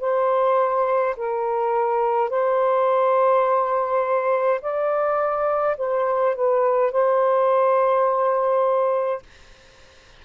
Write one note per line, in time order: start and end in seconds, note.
0.00 1.15 C5
1.16 2.30 A#4
2.30 4.60 C5
4.61 5.76 D5
5.77 6.35 C5
6.35 6.92 B4
6.92 9.23 C5